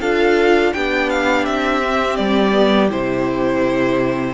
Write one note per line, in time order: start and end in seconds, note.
0.00 0.73 D4
0.00 0.75 F4
0.00 0.72 A4
0.00 0.73 F5
0.73 1.46 B3
0.73 1.82 D4
0.73 4.34 G4
0.73 1.09 G5
1.09 1.45 F5
1.45 2.18 C4
1.45 2.16 E5
1.82 2.52 C4
2.16 2.91 G3
2.16 2.88 D5
2.52 2.88 B3
2.89 4.34 C3
2.89 4.34 E4
2.89 4.34 C5